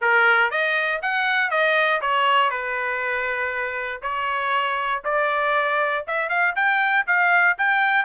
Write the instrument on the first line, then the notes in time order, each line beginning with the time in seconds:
trumpet
0.01 A#4
0.50 D#5
1.02 F#5
1.50 D#5
2.01 C#5
2.50 B4
4.02 C#5
5.04 D5
6.07 E5
6.29 F5
6.55 G5
7.06 F5
7.58 G5